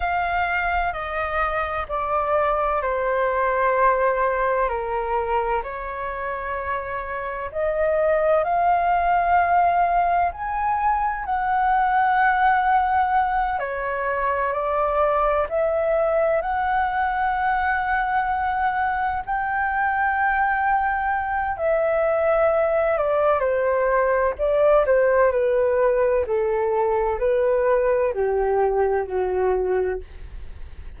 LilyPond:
\new Staff \with { instrumentName = "flute" } { \time 4/4 \tempo 4 = 64 f''4 dis''4 d''4 c''4~ | c''4 ais'4 cis''2 | dis''4 f''2 gis''4 | fis''2~ fis''8 cis''4 d''8~ |
d''8 e''4 fis''2~ fis''8~ | fis''8 g''2~ g''8 e''4~ | e''8 d''8 c''4 d''8 c''8 b'4 | a'4 b'4 g'4 fis'4 | }